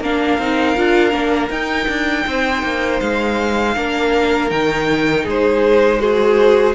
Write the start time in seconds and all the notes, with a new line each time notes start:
0.00 A#3 D4 A#4 F5
0.38 C4 D#4
0.76 D4 F4
1.11 A#3 D4
1.50 D#4 G5
1.88 D4
2.26 C4 C5
2.63 A#3
3.00 G#3 F5
3.75 A#3 D4 A#4
4.50 D#3 D#4 G5
5.23 G#3 G#4 C5
5.99 F#4 G#4 C5